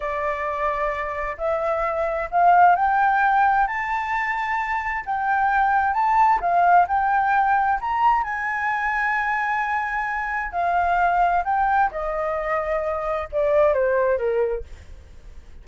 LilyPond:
\new Staff \with { instrumentName = "flute" } { \time 4/4 \tempo 4 = 131 d''2. e''4~ | e''4 f''4 g''2 | a''2. g''4~ | g''4 a''4 f''4 g''4~ |
g''4 ais''4 gis''2~ | gis''2. f''4~ | f''4 g''4 dis''2~ | dis''4 d''4 c''4 ais'4 | }